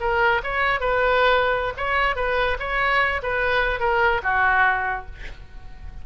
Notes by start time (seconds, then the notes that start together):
0.00 A#4
0.43 C#5
0.80 B4
1.77 C#5
2.16 B4
2.59 C#5
3.22 B4
3.80 A#4
4.23 F#4